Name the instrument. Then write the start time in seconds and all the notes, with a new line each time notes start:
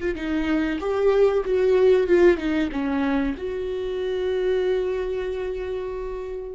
viola
0.00 F4
0.15 D#4
0.79 G4
1.45 F#4
2.07 F4
2.37 D#4
2.71 C#4
3.37 F#4